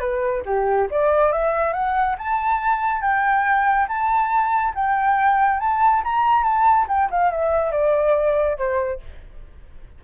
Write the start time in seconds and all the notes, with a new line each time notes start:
0.00 B4
0.46 G4
0.91 D5
1.32 E5
1.73 F#5
2.19 A5
3.02 G5
3.88 A5
4.75 G5
5.60 A5
6.04 A#5
6.44 A5
6.88 G5
7.11 F5
7.31 E5
7.72 D5
8.58 C5